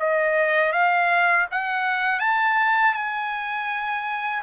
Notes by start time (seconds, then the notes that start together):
0.00 D#5
0.73 F5
1.52 F#5
2.20 A5
2.95 G#5